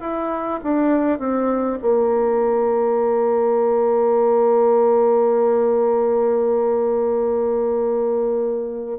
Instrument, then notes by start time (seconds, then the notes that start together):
bassoon
0.00 E4
0.63 D4
1.19 C4
1.82 A#3